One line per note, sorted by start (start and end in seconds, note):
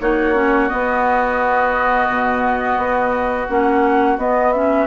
0.00 0.70 A#3
0.00 0.34 D#4
0.00 4.86 F#4
0.00 0.68 C#5
0.34 0.68 C#4
0.68 3.47 B3
0.68 2.09 B3
0.68 3.47 D#5
2.09 2.77 B2
2.77 3.47 B3
3.48 4.17 A#3
3.48 4.18 C#4
3.48 4.18 F#5
4.17 4.86 B3
4.17 4.53 B3
4.17 4.52 D#5
4.52 4.86 C#4
4.52 4.86 E5